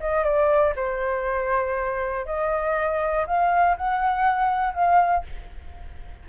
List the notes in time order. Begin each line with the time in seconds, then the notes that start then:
0.00 D#5
0.23 D5
0.75 C5
2.25 D#5
3.26 F5
3.76 F#5
4.73 F5